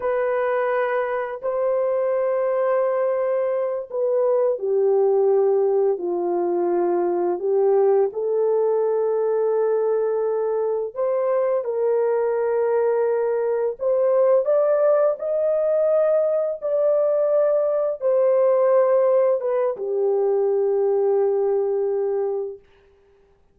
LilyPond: \new Staff \with { instrumentName = "horn" } { \time 4/4 \tempo 4 = 85 b'2 c''2~ | c''4. b'4 g'4.~ | g'8 f'2 g'4 a'8~ | a'2.~ a'8 c''8~ |
c''8 ais'2. c''8~ | c''8 d''4 dis''2 d''8~ | d''4. c''2 b'8 | g'1 | }